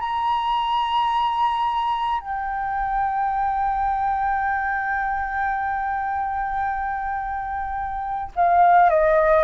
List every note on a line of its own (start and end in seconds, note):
0.00 2.21 A#5
2.21 8.32 G5
8.36 8.90 F5
8.90 9.44 D#5